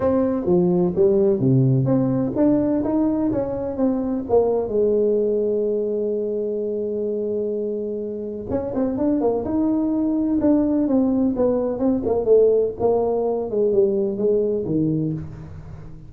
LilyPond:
\new Staff \with { instrumentName = "tuba" } { \time 4/4 \tempo 4 = 127 c'4 f4 g4 c4 | c'4 d'4 dis'4 cis'4 | c'4 ais4 gis2~ | gis1~ |
gis2 cis'8 c'8 d'8 ais8 | dis'2 d'4 c'4 | b4 c'8 ais8 a4 ais4~ | ais8 gis8 g4 gis4 dis4 | }